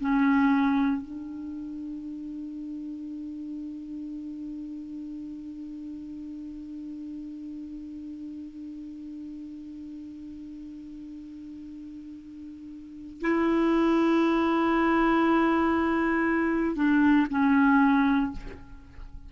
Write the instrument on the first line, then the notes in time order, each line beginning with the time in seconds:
clarinet
0.00 C#4
1.02 D4
13.22 E4
16.76 D4
17.30 C#4